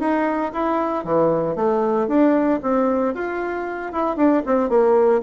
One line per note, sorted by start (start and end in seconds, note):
0.00 0.52 D#4
0.53 1.05 E4
1.05 1.56 E3
1.56 2.08 A3
2.08 2.60 D4
2.63 3.15 C4
3.15 3.92 F4
3.92 4.17 E4
4.17 4.43 D4
4.46 4.70 C4
4.70 5.22 A#3